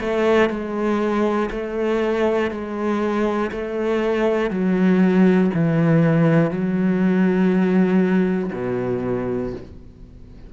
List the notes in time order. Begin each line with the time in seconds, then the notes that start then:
0.00 A3
0.50 G#3
1.50 A3
2.50 G#3
3.52 A3
4.50 F#3
5.54 E3
6.50 F#3
8.53 B2